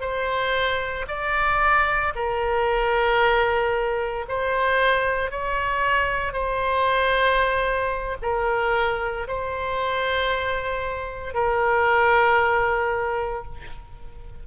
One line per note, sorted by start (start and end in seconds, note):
0.00 1.05 C5
1.08 2.13 D5
2.15 4.25 A#4
4.28 5.31 C5
5.31 6.33 C#5
6.33 8.17 C5
8.22 9.27 A#4
9.27 11.33 C5
11.33 13.44 A#4